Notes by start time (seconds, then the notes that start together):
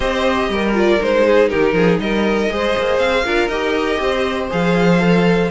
0.00 C4 G4 C5 D#5
0.48 G3 A#4
0.74 F4 D5
1.00 G#3 D#4 C5
1.26 G#4
1.48 D#3 G4 A#4
1.73 F3 G#4
1.99 G3 A#4 D#5
2.49 G#3 G#4 C5
2.78 A#3
2.98 C4 F5
3.25 D4 F4 A#4
3.48 D#4 G4 D#5
3.99 C4 C5
4.50 F3 G#4 F5
4.99 A4